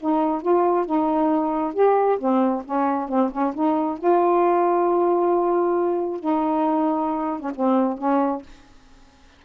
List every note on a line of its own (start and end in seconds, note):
0.00 0.42 D#4
0.42 0.86 F4
0.86 1.74 D#4
1.74 2.18 G4
2.18 2.63 C4
2.65 3.08 C#4
3.08 3.31 C4
3.32 3.54 C#4
3.54 3.98 D#4
3.98 6.20 F4
6.20 7.40 D#4
7.40 7.51 C#4
7.55 7.98 C4
7.98 8.42 C#4